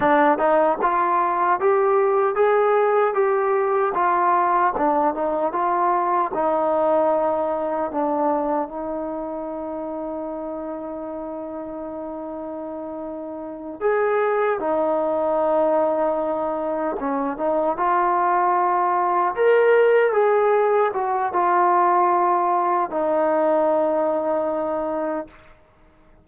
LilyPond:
\new Staff \with { instrumentName = "trombone" } { \time 4/4 \tempo 4 = 76 d'8 dis'8 f'4 g'4 gis'4 | g'4 f'4 d'8 dis'8 f'4 | dis'2 d'4 dis'4~ | dis'1~ |
dis'4. gis'4 dis'4.~ | dis'4. cis'8 dis'8 f'4.~ | f'8 ais'4 gis'4 fis'8 f'4~ | f'4 dis'2. | }